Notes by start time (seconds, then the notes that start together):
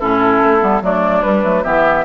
0.00 A2 C#4 E4 A4
0.43 A3
0.60 G3 B3
0.82 F#3 A3 D4 D5
1.22 G3 B4
1.43 F#3 A3
1.64 E3 B3 G4 E5